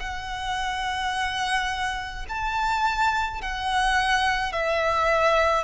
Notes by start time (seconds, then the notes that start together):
0.00 F#5
2.29 A5
3.42 F#5
4.53 E5